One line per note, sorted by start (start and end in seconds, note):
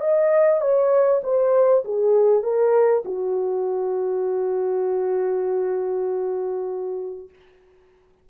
0.00 0.61 D#5
0.61 1.21 C#5
1.23 1.83 C5
1.84 2.42 G#4
2.42 3.03 A#4
3.05 7.29 F#4